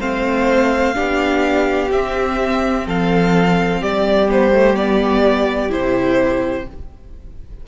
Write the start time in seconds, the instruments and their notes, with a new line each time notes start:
0.00 cello A3, viola C4, violin C5 F5
0.94 cello B3, viola D4, violin G4
1.91 viola C4, cello C4, violin E5
2.86 cello F3, violin A4 F5
3.81 cello G3, violin G4 D5
4.28 viola B3, violin C5
4.53 viola A3
4.75 viola B3, violin D5
5.70 cello C3, viola E4, violin C5